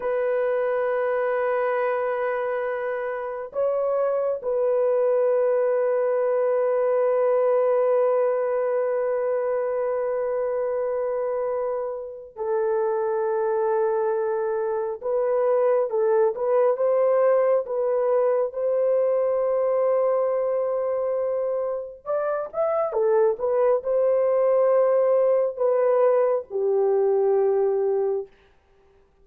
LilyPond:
\new Staff \with { instrumentName = "horn" } { \time 4/4 \tempo 4 = 68 b'1 | cis''4 b'2.~ | b'1~ | b'2 a'2~ |
a'4 b'4 a'8 b'8 c''4 | b'4 c''2.~ | c''4 d''8 e''8 a'8 b'8 c''4~ | c''4 b'4 g'2 | }